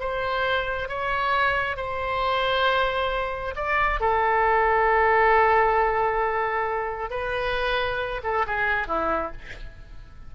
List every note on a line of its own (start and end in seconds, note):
0.00 0.88 C5
0.88 1.77 C#5
1.77 3.55 C5
3.56 4.00 D5
4.00 7.10 A4
7.10 8.21 B4
8.24 8.46 A4
8.47 8.87 G#4
8.87 9.32 E4